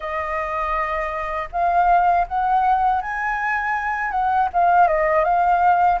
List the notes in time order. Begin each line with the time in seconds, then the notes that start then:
0.00 D#5
1.52 F5
2.27 F#5
3.01 G#5
4.11 F#5
4.53 F5
4.87 D#5
5.24 F5